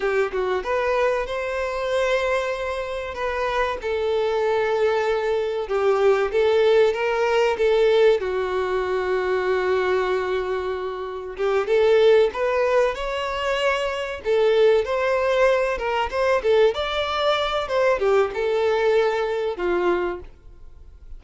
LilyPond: \new Staff \with { instrumentName = "violin" } { \time 4/4 \tempo 4 = 95 g'8 fis'8 b'4 c''2~ | c''4 b'4 a'2~ | a'4 g'4 a'4 ais'4 | a'4 fis'2.~ |
fis'2 g'8 a'4 b'8~ | b'8 cis''2 a'4 c''8~ | c''4 ais'8 c''8 a'8 d''4. | c''8 g'8 a'2 f'4 | }